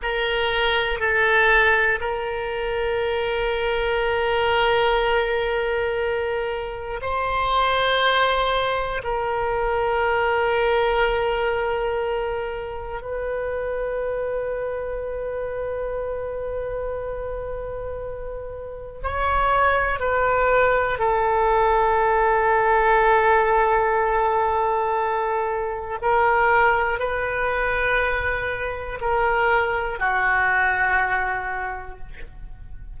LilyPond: \new Staff \with { instrumentName = "oboe" } { \time 4/4 \tempo 4 = 60 ais'4 a'4 ais'2~ | ais'2. c''4~ | c''4 ais'2.~ | ais'4 b'2.~ |
b'2. cis''4 | b'4 a'2.~ | a'2 ais'4 b'4~ | b'4 ais'4 fis'2 | }